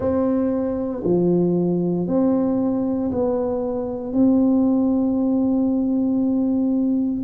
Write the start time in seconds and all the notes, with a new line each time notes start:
0.00 C4
1.03 F3
2.07 C4
3.11 B3
4.13 C4